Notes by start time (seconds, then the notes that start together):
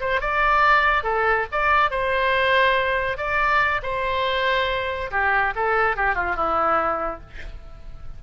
0.00 C5
0.21 D5
1.03 A4
1.52 D5
1.91 C5
3.17 D5
3.83 C5
5.11 G4
5.55 A4
5.96 G4
6.15 F4
6.36 E4